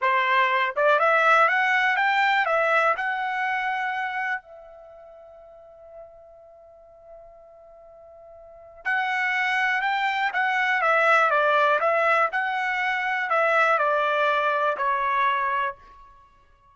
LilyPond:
\new Staff \with { instrumentName = "trumpet" } { \time 4/4 \tempo 4 = 122 c''4. d''8 e''4 fis''4 | g''4 e''4 fis''2~ | fis''4 e''2.~ | e''1~ |
e''2 fis''2 | g''4 fis''4 e''4 d''4 | e''4 fis''2 e''4 | d''2 cis''2 | }